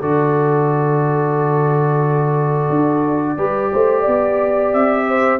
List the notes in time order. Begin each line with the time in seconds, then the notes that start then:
0.00 D3 F#4 A4 D5
2.69 D4
3.37 G3 G4 B4
3.72 A3 C5
4.01 B3 D5
4.73 C4 E5
5.07 C5